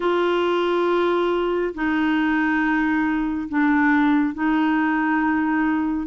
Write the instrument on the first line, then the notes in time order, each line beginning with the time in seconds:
clarinet
0.00 F4
1.74 D#4
3.48 D4
4.34 D#4